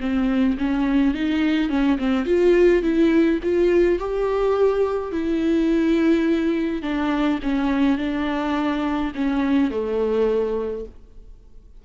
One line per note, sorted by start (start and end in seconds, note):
0.00 0.57 C4
0.58 1.14 C#4
1.14 1.69 D#4
1.69 1.98 C#4
1.98 2.25 C4
2.25 2.82 F4
2.83 3.40 E4
3.43 3.99 F4
3.99 5.12 G4
5.12 6.82 E4
6.82 7.39 D4
7.43 7.98 C#4
7.98 9.12 D4
9.15 9.70 C#4
9.70 10.85 A3